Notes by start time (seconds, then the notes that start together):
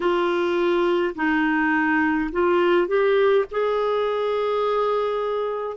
0.00 F4
1.15 D#4
2.31 F4
2.87 G4
3.51 G#4